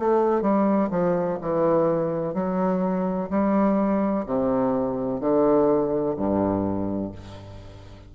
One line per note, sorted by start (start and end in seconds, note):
0.00 0.42 A3
0.42 0.90 G3
0.91 1.39 F3
1.42 2.34 E3
2.34 3.29 F#3
3.31 4.26 G3
4.27 5.21 C3
5.21 6.16 D3
6.17 7.12 G2